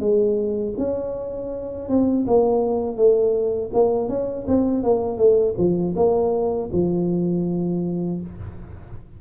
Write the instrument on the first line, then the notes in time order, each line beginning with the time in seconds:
tuba
0.00 G#3
0.78 C#4
1.89 C4
2.27 A#3
2.96 A3
3.73 A#3
4.09 C#4
4.48 C4
4.83 A#3
5.18 A3
5.58 F3
5.96 A#3
6.72 F3